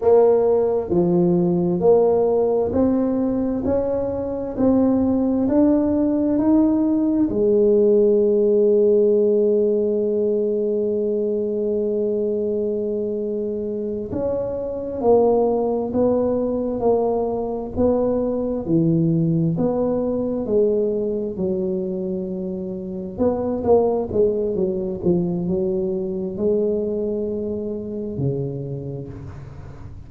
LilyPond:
\new Staff \with { instrumentName = "tuba" } { \time 4/4 \tempo 4 = 66 ais4 f4 ais4 c'4 | cis'4 c'4 d'4 dis'4 | gis1~ | gis2.~ gis8 cis'8~ |
cis'8 ais4 b4 ais4 b8~ | b8 e4 b4 gis4 fis8~ | fis4. b8 ais8 gis8 fis8 f8 | fis4 gis2 cis4 | }